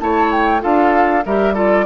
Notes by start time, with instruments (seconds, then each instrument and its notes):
0.00 bassoon A3, clarinet E4, oboe C#5, flute A5
0.31 flute G5
0.60 bassoon D4, clarinet F4, oboe A4, flute F5
1.25 bassoon G3, clarinet G4, oboe A#4, flute E5
1.54 clarinet F4, oboe A4, flute D5